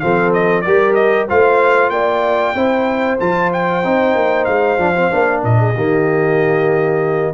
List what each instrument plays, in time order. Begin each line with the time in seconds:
0.00 tuba F3, trombone C4, horn A4, trumpet F5
0.33 trumpet D#5
0.62 tuba G3, trombone G4, horn A#4, trumpet D5
0.94 trumpet D#5
1.28 tuba A3, trombone F4, horn C5, trumpet F5
1.90 tuba A#3, horn D5, trumpet G5
2.55 tuba C4, trombone E4, horn C5
3.20 tuba F3, trombone F4, trumpet A5
3.53 trumpet G5
3.83 tuba C4, trombone D#4
4.15 tuba A#3
4.45 tuba G#3, trumpet F5
4.78 tuba F3, trombone D4
4.96 trombone C4
5.11 tuba A#3, trombone D4
5.42 tuba A#2, horn A#4, trumpet D#5
5.59 horn G#4
5.75 tuba D#3, trombone A#3, horn G4